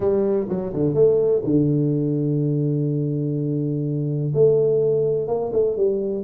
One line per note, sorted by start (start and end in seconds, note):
0.00 0.47 G3
0.48 0.72 F#3
0.73 0.94 D3
0.94 1.42 A3
1.44 4.32 D3
4.34 5.27 A3
5.27 5.51 A#3
5.52 5.76 A3
5.76 6.23 G3